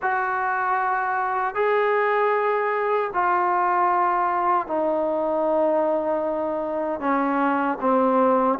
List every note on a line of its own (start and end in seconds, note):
0.02 1.54 F#4
1.54 3.10 G#4
3.13 4.67 F4
4.67 7.00 D#4
7.00 7.77 C#4
7.80 8.58 C4